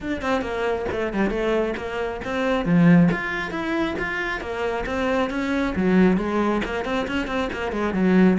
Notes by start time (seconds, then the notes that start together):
0.00 D4
0.21 C4
0.41 A#3
0.91 A3
1.13 G3
1.30 A3
1.76 A#3
2.24 C4
2.65 F3
3.11 F4
3.50 E4
3.98 F4
4.40 A#3
4.85 C4
5.29 C#4
5.76 F#3
6.17 G#3
6.64 A#3
6.84 C4
7.07 C#4
7.27 C4
7.52 A#3
7.71 G#3
7.93 F#3